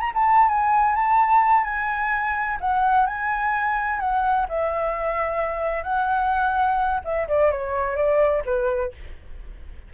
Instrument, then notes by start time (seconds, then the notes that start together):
flute
0.00 A#5
0.14 A5
0.49 G#5
0.95 A5
1.64 G#5
2.60 F#5
3.06 G#5
4.00 F#5
4.49 E5
5.83 F#5
7.04 E5
7.28 D5
7.51 C#5
7.96 D5
8.45 B4